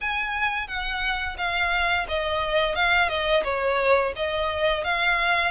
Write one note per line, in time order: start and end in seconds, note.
0.00 0.67 G#5
0.67 1.36 F#5
1.37 2.06 F5
2.08 2.75 D#5
2.75 3.08 F5
3.08 3.43 D#5
3.44 4.13 C#5
4.16 4.84 D#5
4.84 5.51 F5